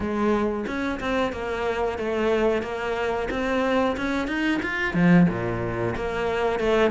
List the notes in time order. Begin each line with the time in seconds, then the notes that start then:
0.00 G#3
0.66 C#4
1.00 C4
1.32 A#3
1.98 A3
2.62 A#3
3.30 C4
3.97 C#4
4.27 D#4
4.62 F4
4.94 F3
5.29 A#2
5.96 A#3
6.59 A3